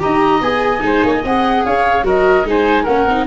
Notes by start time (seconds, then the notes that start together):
0.00 D#4 G4 D#5 A#5
0.42 B3 G#4 G#5
0.80 G#3 D#4 C5
1.03 A#3 C#5
1.14 D#5
1.24 C4 G#4 F#5
1.66 C#4 C#5 F5
2.04 F#3 F#4 A#4 D#5
2.45 G#3 D#4 C5 G#5
2.84 A#3 C#4 A#4 F#5
3.07 C4 D#4